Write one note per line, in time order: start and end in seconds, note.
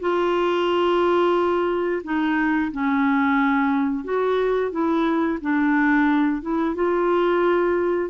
0.00 2.02 F4
2.04 2.71 D#4
2.72 4.04 C#4
4.04 4.71 F#4
4.71 5.39 E4
5.41 6.42 D4
6.42 6.75 E4
6.75 8.10 F4